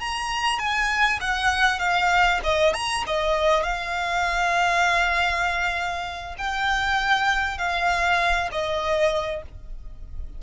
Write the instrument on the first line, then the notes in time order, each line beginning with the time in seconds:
violin
0.00 A#5
0.59 G#5
1.21 F#5
1.79 F5
2.44 D#5
2.74 A#5
3.07 D#5
3.63 F5
6.38 G5
7.58 F5
8.52 D#5